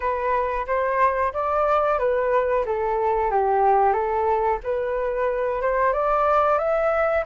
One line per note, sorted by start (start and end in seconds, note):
0.00 0.66 B4
0.66 1.32 C5
1.33 1.98 D5
1.98 2.64 B4
2.65 3.30 A4
3.30 3.92 G4
3.92 4.58 A4
4.63 5.61 B4
5.61 5.93 C5
5.93 6.58 D5
6.58 7.24 E5